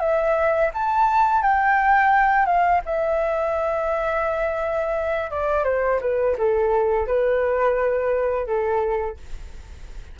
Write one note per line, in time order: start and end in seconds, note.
0.00 0.71 E5
0.74 1.42 A5
1.42 2.46 G5
2.46 2.81 F5
2.86 5.31 E5
5.31 5.64 D5
5.64 6.00 C5
6.01 6.36 B4
6.38 7.07 A4
7.07 8.46 B4
8.46 9.17 A4